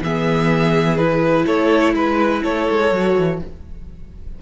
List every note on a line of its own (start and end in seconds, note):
0.00 1.44 E3
0.00 0.98 B3
0.00 1.45 G#4
0.00 0.97 E5
0.97 2.90 E4
0.97 1.45 B4
1.45 1.94 A3
1.45 1.93 A4
1.45 1.94 C#5
1.94 2.42 G#3
1.94 2.42 B4
1.94 2.43 B4
2.42 2.68 A3
2.42 3.38 A4
2.42 3.39 C#5
2.70 2.91 G#3
2.91 3.15 F#3
2.91 3.40 F#4
3.18 3.42 E3